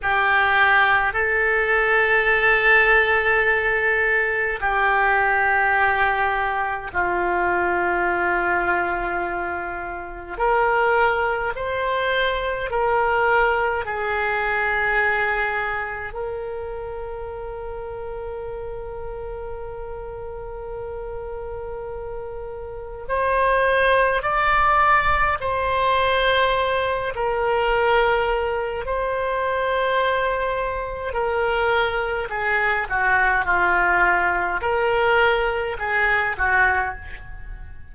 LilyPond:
\new Staff \with { instrumentName = "oboe" } { \time 4/4 \tempo 4 = 52 g'4 a'2. | g'2 f'2~ | f'4 ais'4 c''4 ais'4 | gis'2 ais'2~ |
ais'1 | c''4 d''4 c''4. ais'8~ | ais'4 c''2 ais'4 | gis'8 fis'8 f'4 ais'4 gis'8 fis'8 | }